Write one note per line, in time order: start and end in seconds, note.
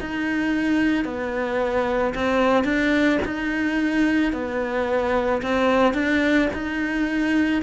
0.00 1.05 D#4
1.05 2.14 B3
2.15 2.64 C4
2.64 3.19 D4
3.25 4.33 D#4
4.33 5.42 B3
5.42 5.94 C4
5.94 6.49 D4
6.54 7.63 D#4